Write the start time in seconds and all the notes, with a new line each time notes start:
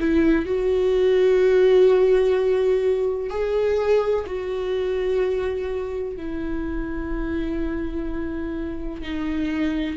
0.00 E4
0.45 F#4
3.30 G#4
4.26 F#4
6.17 E4
9.02 D#4